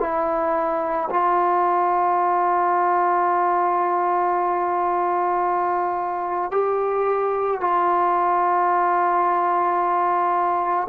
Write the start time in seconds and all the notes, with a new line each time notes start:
0.00 E4
1.10 F4
6.52 G4
7.61 F4